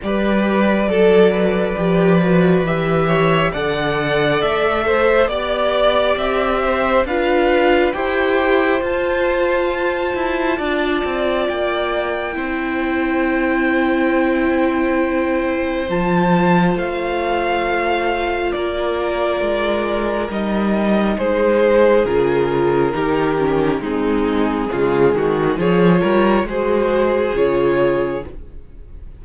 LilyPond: <<
  \new Staff \with { instrumentName = "violin" } { \time 4/4 \tempo 4 = 68 d''2. e''4 | fis''4 e''4 d''4 e''4 | f''4 g''4 a''2~ | a''4 g''2.~ |
g''2 a''4 f''4~ | f''4 d''2 dis''4 | c''4 ais'2 gis'4~ | gis'4 cis''4 c''4 cis''4 | }
  \new Staff \with { instrumentName = "violin" } { \time 4/4 b'4 a'8 b'2 cis''8 | d''4. c''8 d''4. c''8 | b'4 c''2. | d''2 c''2~ |
c''1~ | c''4 ais'2. | gis'2 g'4 dis'4 | f'8 fis'8 gis'8 ais'8 gis'2 | }
  \new Staff \with { instrumentName = "viola" } { \time 4/4 g'4 a'4 g'8 fis'8 g'4 | a'2 g'2 | f'4 g'4 f'2~ | f'2 e'2~ |
e'2 f'2~ | f'2. dis'4~ | dis'4 f'4 dis'8 cis'8 c'4 | gis4 f'4 fis'4 f'4 | }
  \new Staff \with { instrumentName = "cello" } { \time 4/4 g4 fis4 f4 e4 | d4 a4 b4 c'4 | d'4 e'4 f'4. e'8 | d'8 c'8 ais4 c'2~ |
c'2 f4 a4~ | a4 ais4 gis4 g4 | gis4 cis4 dis4 gis4 | cis8 dis8 f8 g8 gis4 cis4 | }
>>